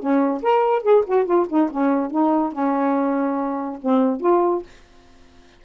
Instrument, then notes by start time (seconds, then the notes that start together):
saxophone
0.00 C#4
0.43 A#4
0.83 G#4
1.07 F#4
1.26 F4
1.49 D#4
1.71 C#4
2.11 D#4
2.53 C#4
3.82 C4
4.21 F4